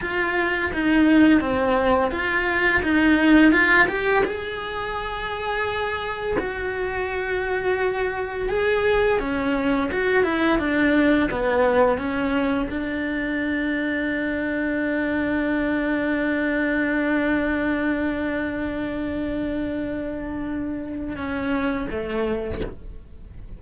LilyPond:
\new Staff \with { instrumentName = "cello" } { \time 4/4 \tempo 4 = 85 f'4 dis'4 c'4 f'4 | dis'4 f'8 g'8 gis'2~ | gis'4 fis'2. | gis'4 cis'4 fis'8 e'8 d'4 |
b4 cis'4 d'2~ | d'1~ | d'1~ | d'2 cis'4 a4 | }